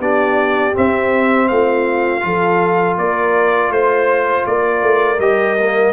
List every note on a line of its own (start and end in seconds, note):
0.00 0.74 B3
0.00 0.74 D4
0.00 1.50 G4
0.00 0.76 D5
0.74 2.21 C4
0.74 1.51 C4
0.74 1.49 E5
1.49 2.25 A3
1.49 2.25 F4
1.49 2.97 F5
2.21 2.99 F3
2.21 5.17 F4
2.21 2.98 A4
2.98 3.71 A#3
2.98 3.72 A#4
2.98 3.72 D5
3.71 4.45 A3
3.71 4.46 C5
3.71 4.48 C5
4.47 4.83 A#3
4.47 5.93 A#4
4.47 5.20 D5
4.83 5.19 A3
5.19 5.93 G3
5.19 5.58 G4
5.19 5.93 D#5
5.60 5.93 A#3